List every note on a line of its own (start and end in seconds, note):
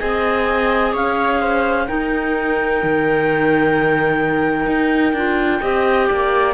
0.00 0.95 C4
0.00 1.88 G#4
0.00 0.93 D#5
0.00 0.94 G#5
0.93 1.88 C#4
0.93 1.40 C#5
0.93 1.87 F5
1.41 1.88 C5
1.87 5.16 D#4
1.87 2.84 D#4
1.87 5.62 A#4
1.87 6.54 G5
2.84 4.67 D#3
4.67 5.13 D#4
5.13 5.60 D4
5.13 5.62 F4
5.62 6.10 C4
5.62 6.54 G4
5.62 6.07 D#5
6.07 6.54 A#3
6.07 6.54 D5